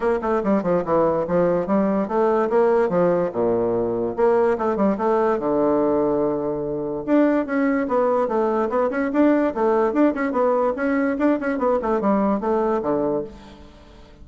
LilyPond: \new Staff \with { instrumentName = "bassoon" } { \time 4/4 \tempo 4 = 145 ais8 a8 g8 f8 e4 f4 | g4 a4 ais4 f4 | ais,2 ais4 a8 g8 | a4 d2.~ |
d4 d'4 cis'4 b4 | a4 b8 cis'8 d'4 a4 | d'8 cis'8 b4 cis'4 d'8 cis'8 | b8 a8 g4 a4 d4 | }